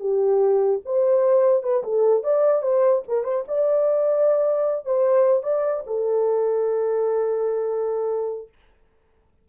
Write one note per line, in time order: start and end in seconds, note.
0.00 0.81 G4
0.86 1.63 C5
1.63 1.84 B4
1.84 2.24 A4
2.24 2.62 D5
2.62 3.03 C5
3.08 3.24 A#4
3.24 3.44 C5
3.48 4.86 D5
4.86 5.43 C5
5.43 5.84 D5
5.87 8.49 A4